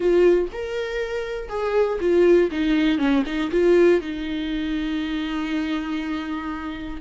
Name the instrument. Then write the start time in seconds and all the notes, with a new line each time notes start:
viola
0.00 F4
0.52 A#4
1.49 G#4
2.00 F4
2.51 D#4
2.98 C#4
3.25 D#4
3.51 F4
4.00 D#4